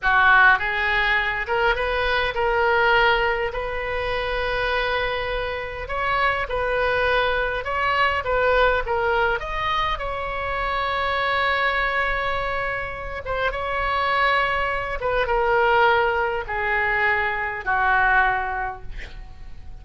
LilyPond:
\new Staff \with { instrumentName = "oboe" } { \time 4/4 \tempo 4 = 102 fis'4 gis'4. ais'8 b'4 | ais'2 b'2~ | b'2 cis''4 b'4~ | b'4 cis''4 b'4 ais'4 |
dis''4 cis''2.~ | cis''2~ cis''8 c''8 cis''4~ | cis''4. b'8 ais'2 | gis'2 fis'2 | }